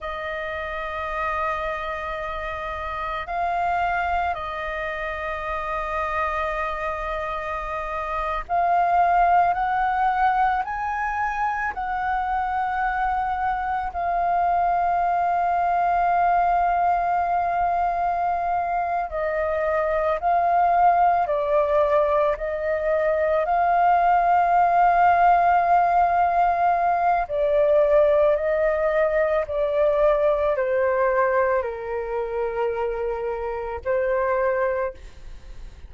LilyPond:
\new Staff \with { instrumentName = "flute" } { \time 4/4 \tempo 4 = 55 dis''2. f''4 | dis''2.~ dis''8. f''16~ | f''8. fis''4 gis''4 fis''4~ fis''16~ | fis''8. f''2.~ f''16~ |
f''4. dis''4 f''4 d''8~ | d''8 dis''4 f''2~ f''8~ | f''4 d''4 dis''4 d''4 | c''4 ais'2 c''4 | }